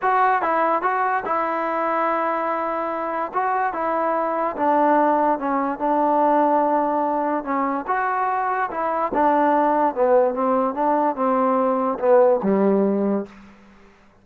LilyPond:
\new Staff \with { instrumentName = "trombone" } { \time 4/4 \tempo 4 = 145 fis'4 e'4 fis'4 e'4~ | e'1 | fis'4 e'2 d'4~ | d'4 cis'4 d'2~ |
d'2 cis'4 fis'4~ | fis'4 e'4 d'2 | b4 c'4 d'4 c'4~ | c'4 b4 g2 | }